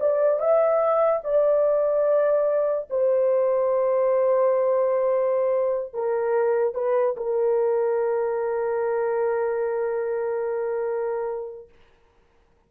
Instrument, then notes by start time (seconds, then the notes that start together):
horn
0.00 D5
0.40 E5
1.24 D5
2.90 C5
5.94 A#4
6.75 B4
7.17 A#4